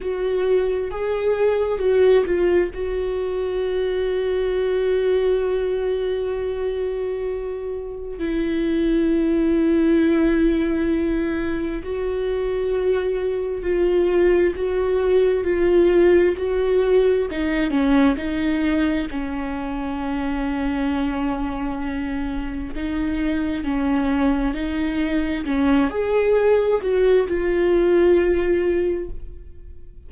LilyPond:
\new Staff \with { instrumentName = "viola" } { \time 4/4 \tempo 4 = 66 fis'4 gis'4 fis'8 f'8 fis'4~ | fis'1~ | fis'4 e'2.~ | e'4 fis'2 f'4 |
fis'4 f'4 fis'4 dis'8 cis'8 | dis'4 cis'2.~ | cis'4 dis'4 cis'4 dis'4 | cis'8 gis'4 fis'8 f'2 | }